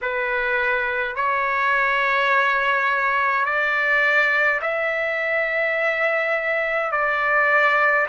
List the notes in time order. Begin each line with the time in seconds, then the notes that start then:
0.01 B4
1.15 C#5
3.45 D5
4.61 E5
6.91 D5